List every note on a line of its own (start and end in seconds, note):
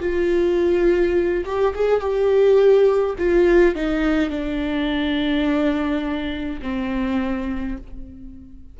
0.00 1.44 F4
1.45 1.74 G4
1.75 2.00 G#4
2.00 3.16 G4
3.18 3.75 F4
3.75 4.30 D#4
4.30 6.60 D4
6.62 7.77 C4